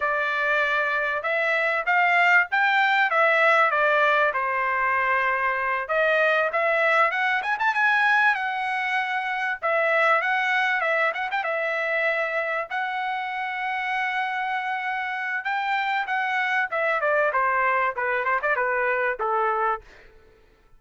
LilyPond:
\new Staff \with { instrumentName = "trumpet" } { \time 4/4 \tempo 4 = 97 d''2 e''4 f''4 | g''4 e''4 d''4 c''4~ | c''4. dis''4 e''4 fis''8 | gis''16 a''16 gis''4 fis''2 e''8~ |
e''8 fis''4 e''8 fis''16 g''16 e''4.~ | e''8 fis''2.~ fis''8~ | fis''4 g''4 fis''4 e''8 d''8 | c''4 b'8 c''16 d''16 b'4 a'4 | }